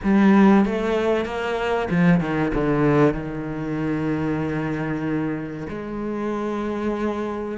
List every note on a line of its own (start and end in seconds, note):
0.03 0.65 G3
0.65 1.25 A3
1.25 1.88 A#3
1.90 2.20 F3
2.20 2.51 D#3
2.53 3.14 D3
3.14 5.66 D#3
5.69 7.58 G#3